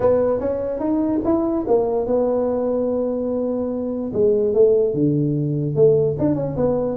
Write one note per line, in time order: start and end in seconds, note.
0.00 0.39 B3
0.39 0.79 C#4
0.79 1.20 D#4
1.24 1.65 E4
1.67 2.06 A#3
2.06 4.12 B3
4.13 4.54 G#3
4.54 4.93 A3
4.93 5.75 D3
5.75 6.16 A3
6.18 6.35 D4
6.35 6.55 C#4
6.56 6.97 B3